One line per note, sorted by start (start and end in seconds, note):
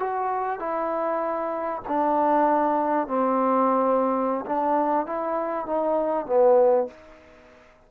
0.00 0.60 F#4
0.60 1.82 E4
1.89 3.08 D4
3.08 4.46 C4
4.46 5.07 D4
5.07 5.67 E4
5.67 6.27 D#4
6.27 6.88 B3